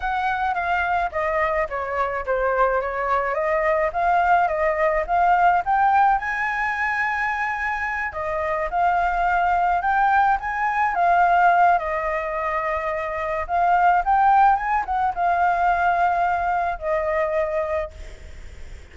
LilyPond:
\new Staff \with { instrumentName = "flute" } { \time 4/4 \tempo 4 = 107 fis''4 f''4 dis''4 cis''4 | c''4 cis''4 dis''4 f''4 | dis''4 f''4 g''4 gis''4~ | gis''2~ gis''8 dis''4 f''8~ |
f''4. g''4 gis''4 f''8~ | f''4 dis''2. | f''4 g''4 gis''8 fis''8 f''4~ | f''2 dis''2 | }